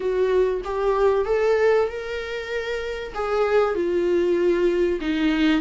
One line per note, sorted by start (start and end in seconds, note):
0.00 0.61 F#4
0.64 1.25 G4
1.25 1.88 A4
1.88 3.13 A#4
3.14 3.74 G#4
3.74 4.99 F4
5.00 5.61 D#4